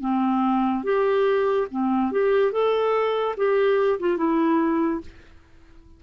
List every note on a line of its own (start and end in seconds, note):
0.00 0.83 C4
0.83 1.67 G4
1.70 2.11 C4
2.11 2.52 G4
2.52 3.35 A4
3.36 3.99 G4
3.99 4.17 F4
4.17 5.00 E4